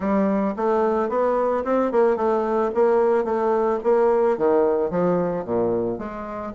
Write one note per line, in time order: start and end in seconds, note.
0.00 0.54 G3
0.56 1.09 A3
1.09 1.63 B3
1.64 1.91 C4
1.91 2.16 A#3
2.16 2.70 A3
2.74 3.24 A#3
3.24 3.79 A3
3.83 4.37 A#3
4.37 4.90 D#3
4.90 5.44 F3
5.44 5.98 A#2
5.98 6.53 G#3